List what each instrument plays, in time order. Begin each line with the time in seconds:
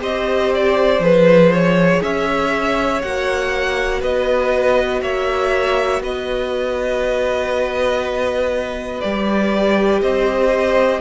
0.00 cello C4, viola G4, violin C5 D#5
0.54 violin D5
0.99 cello F3, viola G#4, violin B4
1.53 violin C#5
2.02 cello C#4, violin C#5 E5
3.02 cello A#3, viola F#4, violin F#5
4.01 cello B3, violin B4 D#5
5.01 cello A#3, violin C#5 E5
6.00 cello B3, violin B4 D#5
9.01 cello G3, viola G4, violin D5
10.02 cello C4, violin C5 D#5